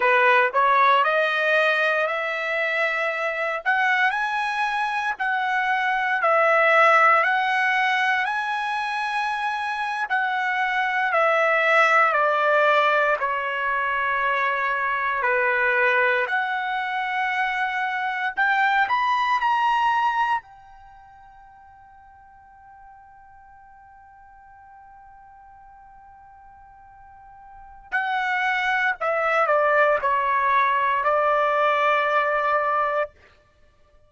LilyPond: \new Staff \with { instrumentName = "trumpet" } { \time 4/4 \tempo 4 = 58 b'8 cis''8 dis''4 e''4. fis''8 | gis''4 fis''4 e''4 fis''4 | gis''4.~ gis''16 fis''4 e''4 d''16~ | d''8. cis''2 b'4 fis''16~ |
fis''4.~ fis''16 g''8 b''8 ais''4 g''16~ | g''1~ | g''2. fis''4 | e''8 d''8 cis''4 d''2 | }